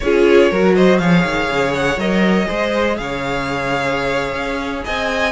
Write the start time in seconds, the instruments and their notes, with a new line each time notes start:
0.00 cello C#4, viola F4, violin G#4 C#5
0.50 cello F#3, viola F#4, violin A#4
0.75 violin C5 D#5
0.98 cello F3, viola G#4, violin C#5 F5
1.24 cello D#3
1.49 cello C#3
1.74 violin F#5
1.96 cello F#3, viola A#4, violin D#5
2.45 cello G#3, viola G#4, violin C5
2.97 cello C#3, violin C#5 F5
4.33 cello C#4
4.84 cello C4, violin D#5 G#5